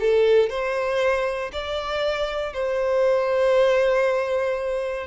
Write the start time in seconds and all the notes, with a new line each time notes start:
0.00 A4
0.49 C5
1.53 D5
2.53 C5